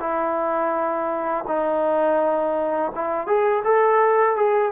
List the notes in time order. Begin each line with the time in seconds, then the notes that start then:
0.00 E4
1.47 D#4
2.95 E4
3.27 G#4
3.64 A4
4.36 G#4